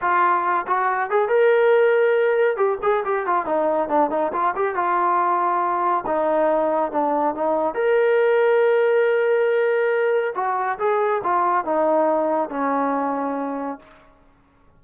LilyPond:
\new Staff \with { instrumentName = "trombone" } { \time 4/4 \tempo 4 = 139 f'4. fis'4 gis'8 ais'4~ | ais'2 g'8 gis'8 g'8 f'8 | dis'4 d'8 dis'8 f'8 g'8 f'4~ | f'2 dis'2 |
d'4 dis'4 ais'2~ | ais'1 | fis'4 gis'4 f'4 dis'4~ | dis'4 cis'2. | }